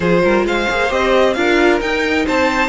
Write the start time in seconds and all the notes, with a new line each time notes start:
0.00 F3 F4 G#4 C5
0.23 G3 A#4
0.43 G#3 C5 F5
0.69 A#3 G#4
0.89 C4 G4 D#5
1.33 D4 F4 A#4 F5
1.81 D#4 G5
2.25 C4 C5 A5